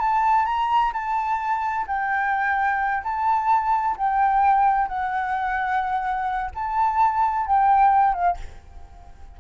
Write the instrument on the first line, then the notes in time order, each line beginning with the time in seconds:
flute
0.00 A5
0.45 A#5
0.93 A5
1.87 G5
3.03 A5
3.97 G5
4.88 F#5
6.55 A5
7.46 G5
8.14 F5